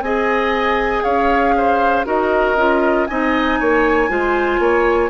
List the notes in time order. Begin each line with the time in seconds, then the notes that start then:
0.00 C4 G#4 D#5 G#5
1.03 C#4 C#5 F5
1.56 C5
2.05 D#4 F#4 A#4 D#5
2.56 C#4 F4
3.06 C4 D#4 D#5 G#5
3.59 A#3 C#5
4.08 G#3 F4 C5
4.59 A#3 C#5